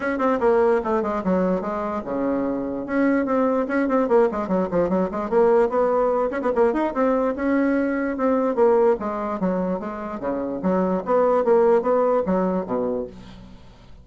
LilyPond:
\new Staff \with { instrumentName = "bassoon" } { \time 4/4 \tempo 4 = 147 cis'8 c'8 ais4 a8 gis8 fis4 | gis4 cis2 cis'4 | c'4 cis'8 c'8 ais8 gis8 fis8 f8 | fis8 gis8 ais4 b4. cis'16 b16 |
ais8 dis'8 c'4 cis'2 | c'4 ais4 gis4 fis4 | gis4 cis4 fis4 b4 | ais4 b4 fis4 b,4 | }